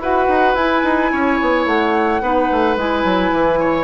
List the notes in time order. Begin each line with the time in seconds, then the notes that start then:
0.00 E4 F#4 B4 F#5
0.28 D#4
0.54 E4 G#5
0.84 D#4
1.12 C#4 C#5
1.41 B3
1.66 A3 F#5
2.21 B3 D#4 B4
2.52 A3
2.77 G#3 E4 G#5
3.05 F#3
3.33 E3
3.60 C#5